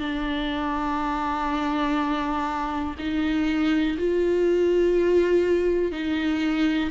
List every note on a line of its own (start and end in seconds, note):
0.00 2.95 D4
2.99 3.97 D#4
3.98 5.92 F4
5.92 6.90 D#4